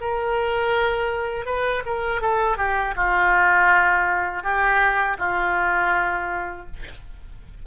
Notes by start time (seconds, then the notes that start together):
0.00 A#4
1.46 B4
1.86 A#4
2.21 A4
2.57 G4
2.96 F4
4.43 G4
5.18 F4